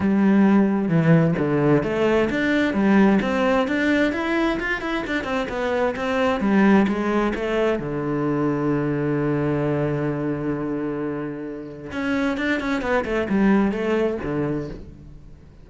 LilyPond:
\new Staff \with { instrumentName = "cello" } { \time 4/4 \tempo 4 = 131 g2 e4 d4 | a4 d'4 g4 c'4 | d'4 e'4 f'8 e'8 d'8 c'8 | b4 c'4 g4 gis4 |
a4 d2.~ | d1~ | d2 cis'4 d'8 cis'8 | b8 a8 g4 a4 d4 | }